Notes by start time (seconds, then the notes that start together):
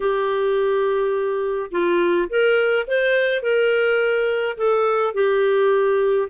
0.00 G4
1.71 F4
2.29 A#4
2.87 C5
3.42 A#4
4.57 A4
5.14 G4